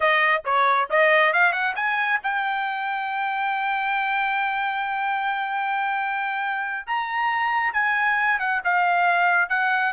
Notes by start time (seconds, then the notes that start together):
0.00 D#5
0.45 C#5
0.90 D#5
1.33 F5
1.52 F#5
1.75 G#5
2.23 G5
6.87 A#5
7.73 G#5
8.39 F#5
8.64 F5
9.49 F#5